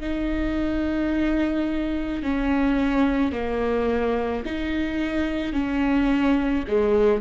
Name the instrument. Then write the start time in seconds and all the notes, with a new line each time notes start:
viola
0.00 D#4
2.23 C#4
3.32 A#3
4.45 D#4
5.53 C#4
6.68 G#3